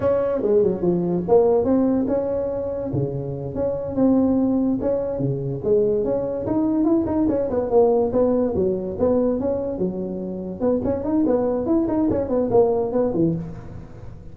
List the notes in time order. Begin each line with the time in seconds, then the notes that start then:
0.00 C#4
0.42 G#3
0.62 F#3
0.81 F3
1.28 A#3
1.64 C4
2.07 C#4
2.93 C#3
3.54 C#4
3.95 C4
4.81 C#4
5.19 C#3
5.64 G#3
6.04 C#4
6.46 D#4
6.84 E4
7.06 D#4
7.28 C#4
7.50 B3
7.70 A#3
8.12 B3
8.55 F#3
8.98 B3
9.40 C#4
9.78 F#3
10.60 B3
10.84 C#4
11.04 D#4
11.26 B3
11.66 E4
11.87 D#4
12.10 C#4
12.28 B3
12.50 A#3
12.92 B3
13.14 E3